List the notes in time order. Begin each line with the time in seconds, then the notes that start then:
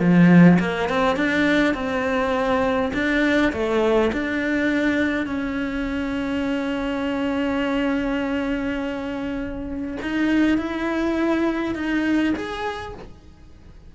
0.00 F3
0.60 A#3
0.89 C4
1.17 D4
1.75 C4
2.94 D4
3.53 A3
4.13 D4
5.27 C#4
10.02 D#4
10.58 E4
11.75 D#4
12.36 G#4